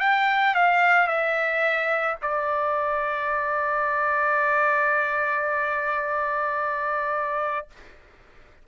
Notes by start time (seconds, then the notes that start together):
0.00 G5
0.55 F5
1.07 E5
2.22 D5